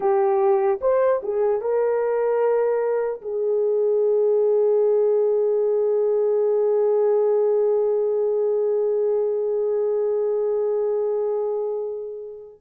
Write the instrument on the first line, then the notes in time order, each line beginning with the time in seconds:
horn
0.00 G4
0.81 C5
1.22 G#4
1.61 A#4
3.21 G#4